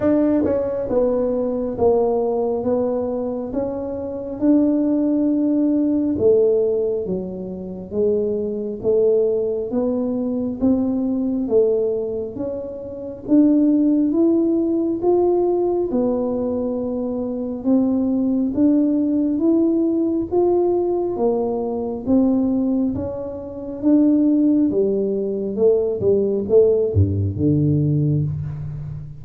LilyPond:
\new Staff \with { instrumentName = "tuba" } { \time 4/4 \tempo 4 = 68 d'8 cis'8 b4 ais4 b4 | cis'4 d'2 a4 | fis4 gis4 a4 b4 | c'4 a4 cis'4 d'4 |
e'4 f'4 b2 | c'4 d'4 e'4 f'4 | ais4 c'4 cis'4 d'4 | g4 a8 g8 a8 g,8 d4 | }